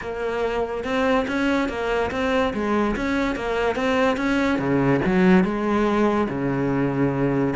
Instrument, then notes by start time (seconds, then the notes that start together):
cello
0.01 A#3
0.84 C4
1.27 C#4
1.68 A#3
2.11 C4
2.53 G#3
2.95 C#4
3.35 A#3
3.75 C4
4.17 C#4
4.58 C#3
5.05 F#3
5.43 G#3
6.29 C#3